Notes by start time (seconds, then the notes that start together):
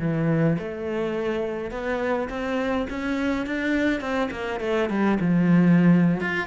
0.00 E3
0.59 A3
1.72 B3
2.30 C4
2.90 C#4
3.47 D4
4.01 C4
4.32 A#3
4.61 A3
4.90 G3
5.21 F3
6.21 F4